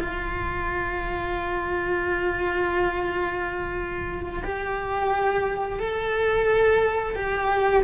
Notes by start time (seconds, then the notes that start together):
0.00 F4
4.44 G4
5.80 A4
7.16 G4